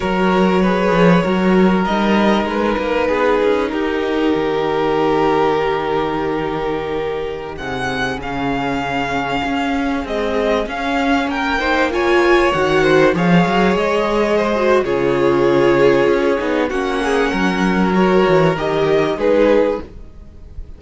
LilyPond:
<<
  \new Staff \with { instrumentName = "violin" } { \time 4/4 \tempo 4 = 97 cis''2. dis''4 | b'2 ais'2~ | ais'1~ | ais'16 fis''4 f''2~ f''8.~ |
f''16 dis''4 f''4 g''4 gis''8.~ | gis''16 fis''4 f''4 dis''4.~ dis''16 | cis''2. fis''4~ | fis''4 cis''4 dis''4 b'4 | }
  \new Staff \with { instrumentName = "violin" } { \time 4/4 ais'4 b'4 ais'2~ | ais'4 gis'4 g'2~ | g'1~ | g'16 gis'2.~ gis'8.~ |
gis'2~ gis'16 ais'8 c''8 cis''8.~ | cis''8. c''8 cis''2 c''8. | gis'2. fis'8 gis'8 | ais'2. gis'4 | }
  \new Staff \with { instrumentName = "viola" } { \time 4/4 fis'4 gis'4 fis'4 dis'4~ | dis'1~ | dis'1~ | dis'4~ dis'16 cis'2~ cis'8.~ |
cis'16 gis4 cis'4. dis'8 f'8.~ | f'16 fis'4 gis'2~ gis'16 fis'8 | f'2~ f'8 dis'8 cis'4~ | cis'4 fis'4 g'4 dis'4 | }
  \new Staff \with { instrumentName = "cello" } { \time 4/4 fis4. f8 fis4 g4 | gis8 ais8 b8 cis'8 dis'4 dis4~ | dis1~ | dis16 c4 cis2 cis'8.~ |
cis'16 c'4 cis'4 ais4.~ ais16~ | ais16 dis4 f8 fis8 gis4.~ gis16 | cis2 cis'8 b8 ais4 | fis4. e8 dis4 gis4 | }
>>